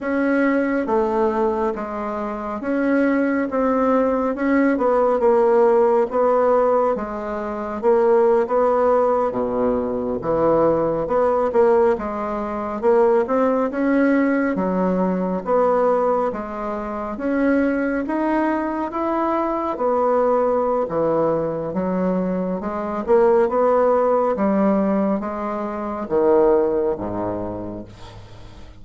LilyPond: \new Staff \with { instrumentName = "bassoon" } { \time 4/4 \tempo 4 = 69 cis'4 a4 gis4 cis'4 | c'4 cis'8 b8 ais4 b4 | gis4 ais8. b4 b,4 e16~ | e8. b8 ais8 gis4 ais8 c'8 cis'16~ |
cis'8. fis4 b4 gis4 cis'16~ | cis'8. dis'4 e'4 b4~ b16 | e4 fis4 gis8 ais8 b4 | g4 gis4 dis4 gis,4 | }